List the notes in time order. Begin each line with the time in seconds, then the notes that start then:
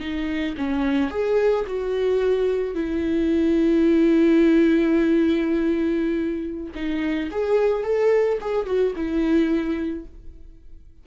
0.00 D#4
0.57 C#4
1.10 G#4
1.67 F#4
2.74 E4
6.75 D#4
7.31 G#4
7.83 A4
8.41 G#4
8.66 F#4
8.96 E4